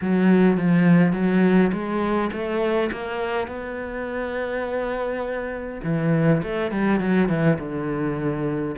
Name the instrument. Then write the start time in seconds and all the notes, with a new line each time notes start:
cello
0.01 F#3
0.57 F3
1.13 F#3
1.72 G#3
2.32 A3
2.92 A#3
3.47 B3
5.83 E3
6.42 A3
6.71 G3
7.00 F#3
7.28 E3
7.59 D3